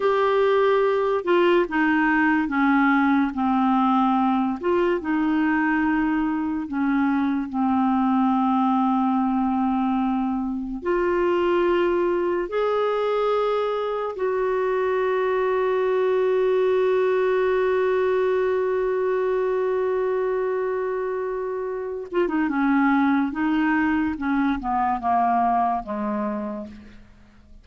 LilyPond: \new Staff \with { instrumentName = "clarinet" } { \time 4/4 \tempo 4 = 72 g'4. f'8 dis'4 cis'4 | c'4. f'8 dis'2 | cis'4 c'2.~ | c'4 f'2 gis'4~ |
gis'4 fis'2.~ | fis'1~ | fis'2~ fis'8 f'16 dis'16 cis'4 | dis'4 cis'8 b8 ais4 gis4 | }